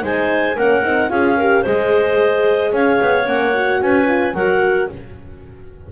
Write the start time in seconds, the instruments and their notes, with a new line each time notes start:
0.00 double bass G#3, horn D#4, clarinet C5 G#5
0.55 double bass A#3, horn C#4, clarinet A#4 F#5
0.82 double bass C4, horn D#4
1.09 double bass C#4, horn F4, clarinet G#4 F5
1.36 horn G4, clarinet A#4
1.62 double bass G#3, horn G#4, clarinet C5 D#5
2.72 double bass C#4, clarinet C#5 F5
3.01 double bass B3
3.25 double bass A#3, horn C#4, clarinet F#5
3.53 horn F#4
3.81 double bass C#4, clarinet B4 G#5
4.06 horn F4
4.33 double bass F#3, horn F#4, clarinet A#4 F#5